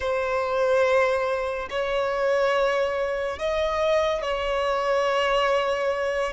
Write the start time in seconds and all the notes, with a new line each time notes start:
0.00 C5
1.70 C#5
3.38 D#5
4.21 C#5